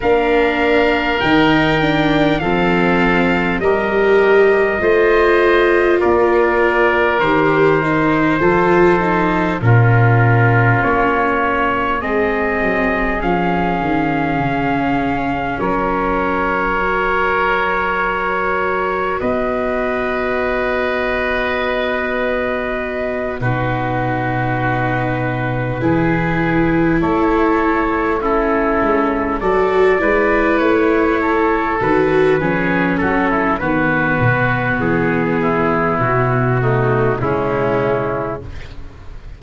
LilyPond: <<
  \new Staff \with { instrumentName = "trumpet" } { \time 4/4 \tempo 4 = 50 f''4 g''4 f''4 dis''4~ | dis''4 d''4 c''2 | ais'4 cis''4 dis''4 f''4~ | f''4 cis''2. |
dis''2.~ dis''8 b'8~ | b'2~ b'8 cis''4 a'8~ | a'8 d''4 cis''4 b'4 a'8 | b'4 gis'4 fis'4 e'4 | }
  \new Staff \with { instrumentName = "oboe" } { \time 4/4 ais'2 a'4 ais'4 | c''4 ais'2 a'4 | f'2 gis'2~ | gis'4 ais'2. |
b'2.~ b'8 fis'8~ | fis'4. gis'4 a'4 e'8~ | e'8 a'8 b'4 a'4 gis'8 fis'16 e'16 | fis'4. e'4 dis'8 cis'4 | }
  \new Staff \with { instrumentName = "viola" } { \time 4/4 d'4 dis'8 d'8 c'4 g'4 | f'2 g'8 dis'8 f'8 dis'8 | cis'2 c'4 cis'4~ | cis'2 fis'2~ |
fis'2.~ fis'8 dis'8~ | dis'4. e'2 cis'8~ | cis'8 fis'8 e'4. fis'8 cis'4 | b2~ b8 a8 gis4 | }
  \new Staff \with { instrumentName = "tuba" } { \time 4/4 ais4 dis4 f4 g4 | a4 ais4 dis4 f4 | ais,4 ais4 gis8 fis8 f8 dis8 | cis4 fis2. |
b2.~ b8 b,8~ | b,4. e4 a4. | gis8 fis8 gis8 a4 dis8 f8 fis8 | dis8 b,8 e4 b,4 cis4 | }
>>